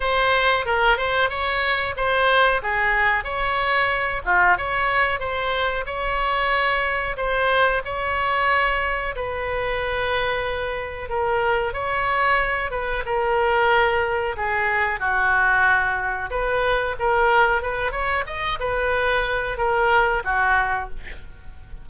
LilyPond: \new Staff \with { instrumentName = "oboe" } { \time 4/4 \tempo 4 = 92 c''4 ais'8 c''8 cis''4 c''4 | gis'4 cis''4. f'8 cis''4 | c''4 cis''2 c''4 | cis''2 b'2~ |
b'4 ais'4 cis''4. b'8 | ais'2 gis'4 fis'4~ | fis'4 b'4 ais'4 b'8 cis''8 | dis''8 b'4. ais'4 fis'4 | }